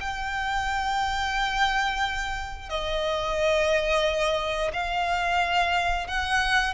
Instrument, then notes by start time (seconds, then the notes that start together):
violin
0.00 G5
2.69 D#5
4.73 F5
6.07 F#5